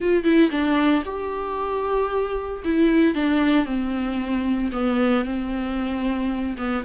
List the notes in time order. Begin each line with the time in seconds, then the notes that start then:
0.00 F4
0.23 E4
0.50 D4
1.05 G4
2.64 E4
3.15 D4
3.65 C4
4.72 B3
5.24 C4
6.57 B3